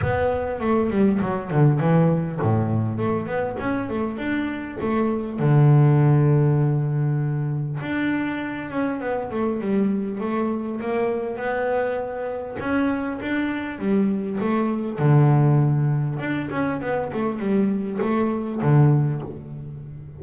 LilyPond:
\new Staff \with { instrumentName = "double bass" } { \time 4/4 \tempo 4 = 100 b4 a8 g8 fis8 d8 e4 | a,4 a8 b8 cis'8 a8 d'4 | a4 d2.~ | d4 d'4. cis'8 b8 a8 |
g4 a4 ais4 b4~ | b4 cis'4 d'4 g4 | a4 d2 d'8 cis'8 | b8 a8 g4 a4 d4 | }